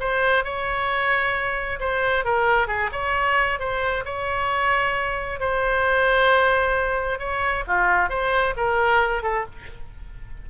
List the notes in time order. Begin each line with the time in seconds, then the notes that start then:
0.00 C5
0.44 C#5
1.80 C5
2.25 A#4
2.68 G#4
2.92 C#5
3.60 C5
4.05 C#5
5.40 C5
7.19 C#5
7.67 F4
8.10 C5
8.57 A#4
9.23 A4